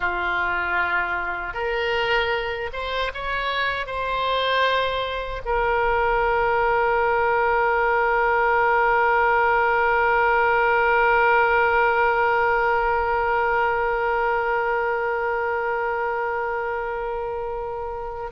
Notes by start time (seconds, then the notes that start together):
0.00 F4
1.53 A#4
2.72 C5
3.14 C#5
3.86 C5
5.45 A#4